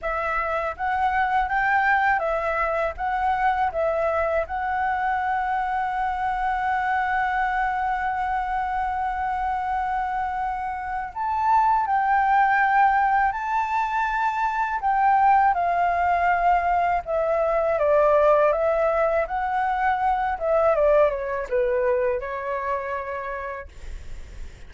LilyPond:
\new Staff \with { instrumentName = "flute" } { \time 4/4 \tempo 4 = 81 e''4 fis''4 g''4 e''4 | fis''4 e''4 fis''2~ | fis''1~ | fis''2. a''4 |
g''2 a''2 | g''4 f''2 e''4 | d''4 e''4 fis''4. e''8 | d''8 cis''8 b'4 cis''2 | }